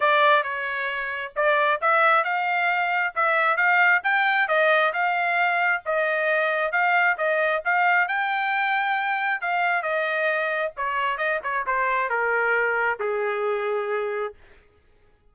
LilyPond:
\new Staff \with { instrumentName = "trumpet" } { \time 4/4 \tempo 4 = 134 d''4 cis''2 d''4 | e''4 f''2 e''4 | f''4 g''4 dis''4 f''4~ | f''4 dis''2 f''4 |
dis''4 f''4 g''2~ | g''4 f''4 dis''2 | cis''4 dis''8 cis''8 c''4 ais'4~ | ais'4 gis'2. | }